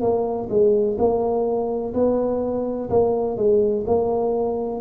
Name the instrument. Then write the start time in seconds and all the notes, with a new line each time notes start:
tuba
0.00 A#3
0.49 G#3
0.98 A#3
1.94 B3
2.90 A#3
3.37 G#3
3.86 A#3